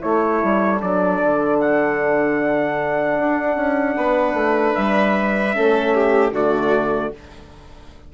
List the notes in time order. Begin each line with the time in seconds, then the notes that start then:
0.00 A3 E4 A4 C#5
0.43 G3
0.80 F#3 D4 D5
1.22 D3
1.60 F#5
3.19 D4
3.56 C#4
3.96 B3 B4
4.34 A3
4.75 G3 E5
5.53 A3 C#4 A4
5.94 G4
6.32 D3 A3 F#4 D5